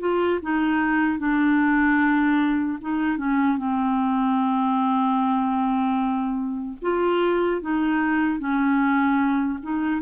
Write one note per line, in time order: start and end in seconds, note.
0.00 0.40 F4
0.42 1.19 D#4
1.19 2.79 D4
2.81 3.17 D#4
3.17 3.57 C#4
3.58 6.78 C4
6.82 7.62 F4
7.62 8.39 D#4
8.39 9.59 C#4
9.63 10.02 D#4